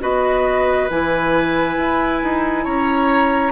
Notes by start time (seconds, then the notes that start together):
0.00 B3 F#4 B4 D#5
0.90 E3 E4 G#5
1.77 E4
2.23 D#4
2.64 C#4 C#5 A#5